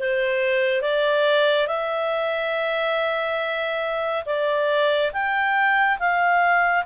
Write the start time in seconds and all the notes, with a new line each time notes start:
0.00 C5
0.82 D5
1.68 E5
4.26 D5
5.13 G5
5.99 F5